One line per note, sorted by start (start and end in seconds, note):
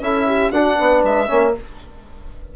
0.00 0.50 C#4
0.00 0.53 E4
0.00 0.27 A4
0.00 0.51 E5
0.27 0.51 G4
0.51 0.77 D4
0.51 1.27 D4
0.51 0.76 F#4
0.51 1.02 F#5
0.78 1.03 B3
0.78 1.29 B4
1.03 1.28 G#3
1.03 1.55 E5
1.27 1.55 A#3
1.27 1.52 C#4
1.27 1.54 C#5